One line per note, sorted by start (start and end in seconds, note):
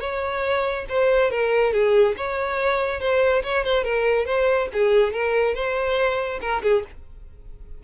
0.00 0.85 C#5
0.89 1.30 C5
1.30 1.73 A#4
1.73 2.15 G#4
2.17 3.00 C#5
3.00 3.42 C5
3.43 3.64 C#5
3.64 3.83 C5
3.83 4.26 A#4
4.26 4.68 C5
4.73 5.13 G#4
5.13 5.54 A#4
5.54 6.39 C5
6.40 6.62 A#4
6.62 6.84 G#4